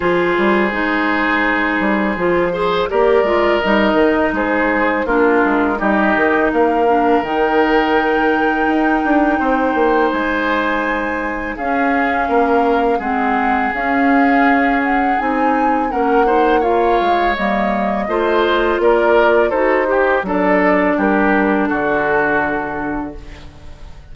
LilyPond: <<
  \new Staff \with { instrumentName = "flute" } { \time 4/4 \tempo 4 = 83 c''1 | d''4 dis''4 c''4 ais'4 | dis''4 f''4 g''2~ | g''2 gis''2 |
f''2 fis''4 f''4~ | f''8 fis''8 gis''4 fis''4 f''4 | dis''2 d''4 c''4 | d''4 ais'4 a'2 | }
  \new Staff \with { instrumentName = "oboe" } { \time 4/4 gis'2.~ gis'8 c''8 | ais'2 gis'4 f'4 | g'4 ais'2.~ | ais'4 c''2. |
gis'4 ais'4 gis'2~ | gis'2 ais'8 c''8 cis''4~ | cis''4 c''4 ais'4 a'8 g'8 | a'4 g'4 fis'2 | }
  \new Staff \with { instrumentName = "clarinet" } { \time 4/4 f'4 dis'2 f'8 gis'8 | g'8 f'8 dis'2 d'4 | dis'4. d'8 dis'2~ | dis'1 |
cis'2 c'4 cis'4~ | cis'4 dis'4 cis'8 dis'8 f'4 | ais4 f'2 fis'8 g'8 | d'1 | }
  \new Staff \with { instrumentName = "bassoon" } { \time 4/4 f8 g8 gis4. g8 f4 | ais8 gis8 g8 dis8 gis4 ais8 gis8 | g8 dis8 ais4 dis2 | dis'8 d'8 c'8 ais8 gis2 |
cis'4 ais4 gis4 cis'4~ | cis'4 c'4 ais4. gis8 | g4 a4 ais4 dis'4 | fis4 g4 d2 | }
>>